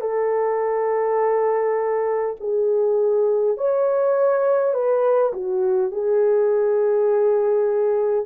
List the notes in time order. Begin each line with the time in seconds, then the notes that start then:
0.00 A4
2.40 G#4
3.57 C#5
4.73 B4
5.33 F#4
5.91 G#4